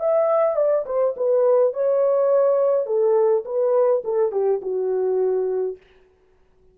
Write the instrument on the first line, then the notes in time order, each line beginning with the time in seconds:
horn
0.00 E5
0.56 D5
0.86 C5
1.17 B4
1.73 C#5
2.86 A4
3.45 B4
4.04 A4
4.32 G4
4.62 F#4